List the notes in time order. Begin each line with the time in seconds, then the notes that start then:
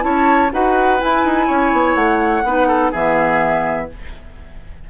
0.00 C#4 E4 C#5 A5
0.52 D#4 F#4 B4 F#5
0.98 E4 G#5
1.24 D#4
1.46 C#4 C#5
1.72 B3
1.95 A3 F#5
2.43 B3 D#4 B4
2.67 A4
2.91 E3 B3 G#4 E5